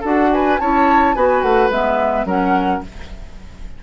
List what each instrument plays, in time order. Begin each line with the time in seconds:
0.00 bassoon D4, clarinet F#4, oboe A4, flute F#5
0.33 oboe B4, flute G#5
0.59 bassoon C#4, clarinet E4, oboe C#5, flute A5
1.15 bassoon B3, clarinet F#4, oboe B4, flute G#5
1.42 bassoon A3, flute F#5
1.70 bassoon G#3, clarinet B3, flute E5
2.24 bassoon F#3, clarinet C#4, oboe A#4, flute F#5